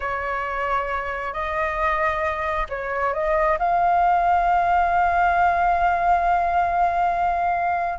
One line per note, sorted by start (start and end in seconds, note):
0.00 1.33 C#5
1.33 2.66 D#5
2.69 3.13 C#5
3.13 3.58 D#5
3.58 7.99 F5